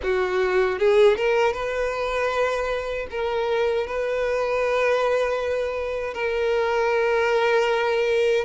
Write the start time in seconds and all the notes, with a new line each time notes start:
0.02 F#4
0.78 G#4
1.16 A#4
1.53 B4
3.10 A#4
3.87 B4
6.14 A#4